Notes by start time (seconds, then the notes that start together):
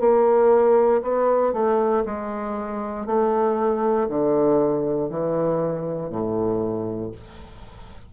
0.00 A#3
1.03 B3
1.53 A3
2.06 G#3
3.06 A3
4.09 D3
5.10 E3
6.10 A2